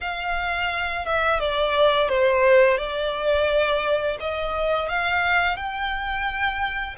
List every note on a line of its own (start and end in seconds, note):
0.01 1.05 F5
1.05 1.40 E5
1.40 2.08 D5
2.08 2.77 C5
2.77 4.17 D5
4.20 4.88 D#5
4.88 5.56 F5
5.56 6.96 G5